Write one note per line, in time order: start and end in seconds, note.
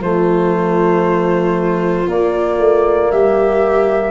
0.00 2.07 F3
0.00 2.07 A3
0.00 3.12 F4
0.00 2.09 C5
2.07 4.11 A#3
2.07 2.59 A#3
2.07 3.11 D5
2.59 3.11 A3
3.11 4.11 G3
3.11 4.11 G4
3.11 4.11 E5